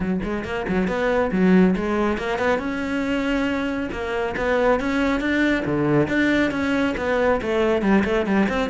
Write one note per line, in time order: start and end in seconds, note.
0.00 0.20 F#3
0.23 0.44 G#3
0.44 0.66 A#3
0.68 0.87 F#3
0.87 1.30 B3
1.31 1.75 F#3
1.76 2.17 G#3
2.17 2.38 A#3
2.38 2.58 B3
2.58 3.89 C#4
3.92 4.35 A#3
4.37 4.80 B3
4.80 5.20 C#4
5.20 5.63 D4
5.65 6.08 D3
6.08 6.51 D4
6.51 6.94 C#4
6.97 7.40 B3
7.41 7.82 A3
7.82 8.03 G3
8.04 8.25 A3
8.26 8.47 G3
8.48 8.70 C4